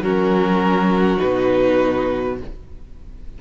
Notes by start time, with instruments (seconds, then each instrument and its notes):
0.00 cello F#3, viola C#4, violin F#4 A#4
1.17 viola D#4, violin B4
1.23 cello B2